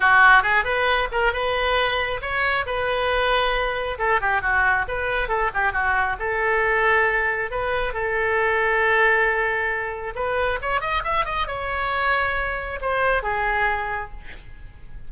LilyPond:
\new Staff \with { instrumentName = "oboe" } { \time 4/4 \tempo 4 = 136 fis'4 gis'8 b'4 ais'8 b'4~ | b'4 cis''4 b'2~ | b'4 a'8 g'8 fis'4 b'4 | a'8 g'8 fis'4 a'2~ |
a'4 b'4 a'2~ | a'2. b'4 | cis''8 dis''8 e''8 dis''8 cis''2~ | cis''4 c''4 gis'2 | }